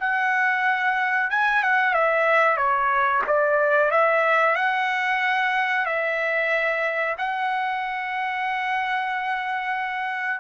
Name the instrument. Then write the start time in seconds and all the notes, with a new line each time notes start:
trumpet
0.00 F#5
1.30 G#5
1.63 F#5
1.94 E5
2.57 C#5
3.27 D5
3.91 E5
4.56 F#5
5.86 E5
7.18 F#5